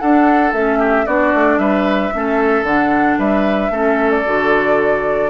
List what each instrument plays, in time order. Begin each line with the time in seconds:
0.00 clarinet D4, bassoon D4, oboe A4, flute F#5
0.53 bassoon A3, clarinet C#4, flute E5
0.79 oboe G4
1.06 bassoon B3, clarinet D4, oboe F#4, flute D5
1.35 bassoon A3
1.59 bassoon G3, oboe B4, flute E5
2.13 bassoon A3, clarinet C#4, oboe A4
2.63 bassoon D3, clarinet D4, flute F#5
3.19 bassoon G3, oboe B4, flute E5
3.71 bassoon A3, clarinet C#4, oboe A4
4.11 flute D5
4.26 bassoon D3, clarinet F#4